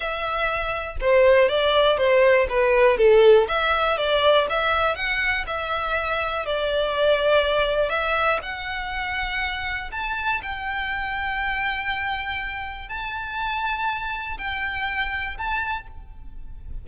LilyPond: \new Staff \with { instrumentName = "violin" } { \time 4/4 \tempo 4 = 121 e''2 c''4 d''4 | c''4 b'4 a'4 e''4 | d''4 e''4 fis''4 e''4~ | e''4 d''2. |
e''4 fis''2. | a''4 g''2.~ | g''2 a''2~ | a''4 g''2 a''4 | }